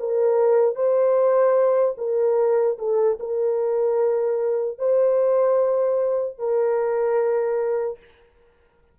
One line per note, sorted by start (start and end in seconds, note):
0.00 0.76 A#4
0.76 1.96 C5
1.98 2.78 A#4
2.79 3.19 A4
3.20 4.79 A#4
4.79 6.39 C5
6.39 7.99 A#4